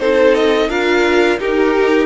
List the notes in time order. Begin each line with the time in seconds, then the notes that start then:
0.00 C4 D#4 A4 C5
0.35 D#5
0.69 D4 F4 A#4 F5
1.39 D#4 G4 A#4